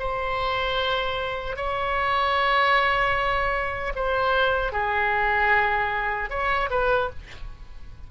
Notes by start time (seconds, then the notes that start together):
0.00 C5
1.57 C#5
3.96 C5
4.73 G#4
6.31 C#5
6.71 B4